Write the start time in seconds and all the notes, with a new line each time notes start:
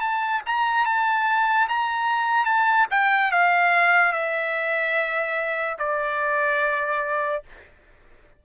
0.00 A5
0.46 A#5
0.85 A5
1.68 A#5
2.45 A5
2.90 G5
3.31 F5
4.12 E5
5.78 D5